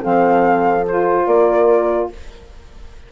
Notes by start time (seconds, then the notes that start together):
0.00 F3 C4 A4 F5
0.87 F4 C5
1.26 A#3 A#4 D5